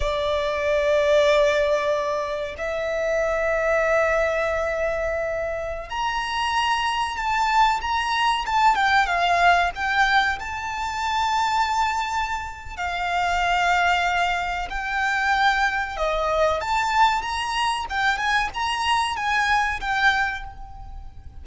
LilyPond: \new Staff \with { instrumentName = "violin" } { \time 4/4 \tempo 4 = 94 d''1 | e''1~ | e''4~ e''16 ais''2 a''8.~ | a''16 ais''4 a''8 g''8 f''4 g''8.~ |
g''16 a''2.~ a''8. | f''2. g''4~ | g''4 dis''4 a''4 ais''4 | g''8 gis''8 ais''4 gis''4 g''4 | }